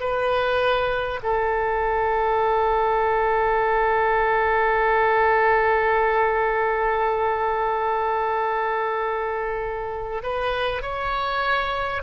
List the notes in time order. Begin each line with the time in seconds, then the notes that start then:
0.00 B4
1.23 A4
10.23 B4
10.82 C#5